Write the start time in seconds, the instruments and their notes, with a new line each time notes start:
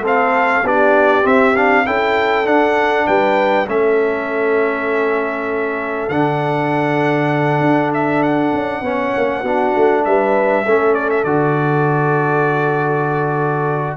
0.00 tuba A3, trombone C4, horn A4
0.07 trumpet F5
0.64 tuba B3, trombone D4, horn G4, trumpet D5
1.23 trombone C4, tuba C4, trumpet E5
1.56 trombone D4, trumpet F5
1.86 tuba C#4, trombone E4, horn A4, trumpet G5
2.45 trombone D4, tuba D4, trumpet F#5
3.07 tuba G3, horn B4, trumpet G5
3.68 tuba A3, trombone C#4, horn A4, trumpet E5
6.09 tuba D3, trombone D4, trumpet F#5
7.60 tuba D4
7.94 trumpet E5
8.23 trumpet F#5
8.53 tuba C#4
8.82 tuba B3, trombone C#4, horn C#5
9.17 tuba A#3
9.41 tuba B3, trombone D4, horn F#4
9.76 tuba A3
10.05 tuba G3, horn B4, trumpet E5
10.64 tuba A3, trombone C#4, horn A4
10.94 trumpet D5
11.10 trumpet E5
11.24 tuba D3, trombone F#4, trumpet D5